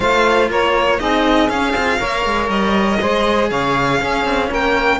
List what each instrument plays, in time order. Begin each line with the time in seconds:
0.00 cello A3 F4, saxophone C5, violin F5
0.50 cello A#3, saxophone A#4, violin C#5
0.98 cello C4 D#4, saxophone G#4, violin D#5
1.48 cello C#4, violin F5
1.73 cello C4 F4
1.97 cello A#3 A#4, saxophone C#5
2.25 cello G#3
2.49 cello G3, violin D#5
3.01 cello G#3 G#4, saxophone C5
3.50 cello C#3, saxophone C#5, violin F5
3.99 cello C#4, saxophone G#4
4.24 cello C4
4.49 cello A#3, saxophone A#4, violin G5